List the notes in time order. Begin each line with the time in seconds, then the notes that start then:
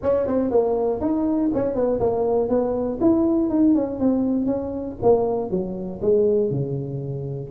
0.02 C#4
0.27 C4
0.50 A#3
1.00 D#4
1.53 C#4
1.74 B3
2.00 A#3
2.49 B3
3.00 E4
3.49 D#4
3.74 C#4
3.99 C4
4.46 C#4
5.02 A#3
5.50 F#3
6.01 G#3
6.50 C#3